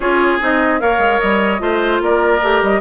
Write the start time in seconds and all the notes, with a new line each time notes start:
0.00 C#4 F4 G#4 C#5
0.40 C4 D#4 D#5
0.79 A#3 A#4 C#5 F5
0.98 G#3
1.19 G3 D#5
1.59 A3 F4 C5
2.01 A#3 A#4 D5
2.42 A3 G4
2.62 G3 D#5